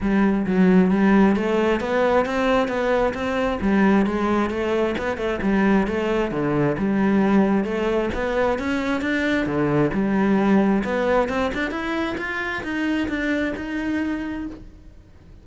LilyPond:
\new Staff \with { instrumentName = "cello" } { \time 4/4 \tempo 4 = 133 g4 fis4 g4 a4 | b4 c'4 b4 c'4 | g4 gis4 a4 b8 a8 | g4 a4 d4 g4~ |
g4 a4 b4 cis'4 | d'4 d4 g2 | b4 c'8 d'8 e'4 f'4 | dis'4 d'4 dis'2 | }